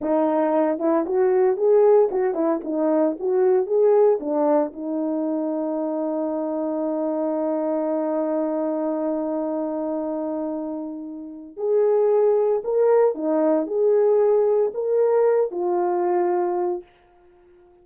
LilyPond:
\new Staff \with { instrumentName = "horn" } { \time 4/4 \tempo 4 = 114 dis'4. e'8 fis'4 gis'4 | fis'8 e'8 dis'4 fis'4 gis'4 | d'4 dis'2.~ | dis'1~ |
dis'1~ | dis'2 gis'2 | ais'4 dis'4 gis'2 | ais'4. f'2~ f'8 | }